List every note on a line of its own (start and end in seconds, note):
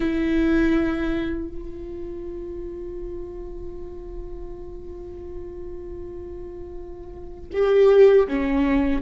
0.00 1.48 E4
1.48 7.48 F4
7.52 8.27 G4
8.27 9.02 C#4